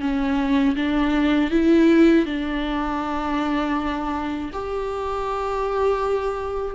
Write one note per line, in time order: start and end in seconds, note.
0.00 0.75 C#4
0.75 1.50 D4
1.50 2.25 E4
2.25 4.50 D4
4.53 6.75 G4